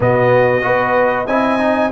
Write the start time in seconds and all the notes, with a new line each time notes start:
0.00 B2 B3 F#4 D#5
0.61 B3 F#4 B4
1.26 C4 E4 D#5 G#5
1.59 D#4